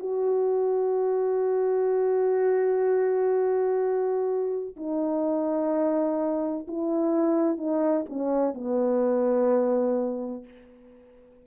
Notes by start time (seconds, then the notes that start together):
0.00 F#4
4.77 D#4
6.68 E4
7.58 D#4
8.10 C#4
8.54 B3